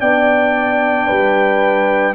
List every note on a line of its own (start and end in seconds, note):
0.00 1.08 B3
0.00 2.14 D4
0.00 1.07 D5
0.00 2.14 G5
1.07 2.14 G3
1.07 2.14 B4